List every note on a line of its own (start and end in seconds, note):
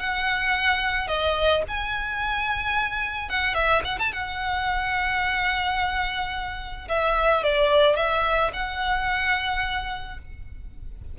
0.00 1.08 F#5
1.08 1.63 D#5
1.68 3.30 G#5
3.30 3.55 F#5
3.55 3.83 E5
3.85 3.99 F#5
3.99 4.13 A5
4.13 6.88 F#5
6.89 7.44 E5
7.44 7.96 D5
7.96 8.51 E5
8.54 10.19 F#5